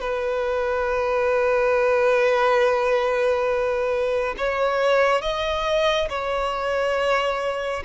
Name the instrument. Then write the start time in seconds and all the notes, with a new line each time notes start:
violin
0.00 B4
4.37 C#5
5.21 D#5
6.09 C#5